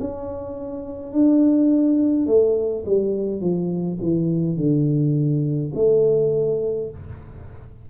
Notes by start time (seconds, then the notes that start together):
0.00 C#4
1.13 D4
2.27 A3
2.86 G3
3.41 F3
4.01 E3
4.57 D3
5.75 A3